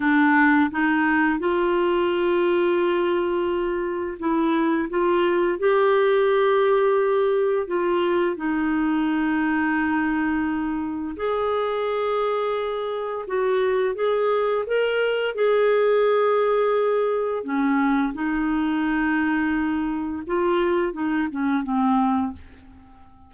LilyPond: \new Staff \with { instrumentName = "clarinet" } { \time 4/4 \tempo 4 = 86 d'4 dis'4 f'2~ | f'2 e'4 f'4 | g'2. f'4 | dis'1 |
gis'2. fis'4 | gis'4 ais'4 gis'2~ | gis'4 cis'4 dis'2~ | dis'4 f'4 dis'8 cis'8 c'4 | }